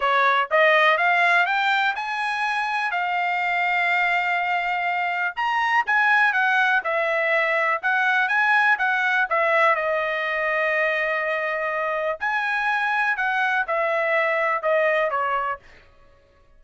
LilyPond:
\new Staff \with { instrumentName = "trumpet" } { \time 4/4 \tempo 4 = 123 cis''4 dis''4 f''4 g''4 | gis''2 f''2~ | f''2. ais''4 | gis''4 fis''4 e''2 |
fis''4 gis''4 fis''4 e''4 | dis''1~ | dis''4 gis''2 fis''4 | e''2 dis''4 cis''4 | }